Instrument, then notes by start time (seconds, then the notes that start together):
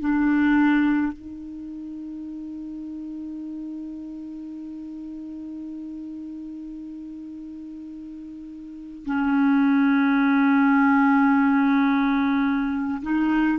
clarinet
0.00 D4
1.12 D#4
9.05 C#4
13.02 D#4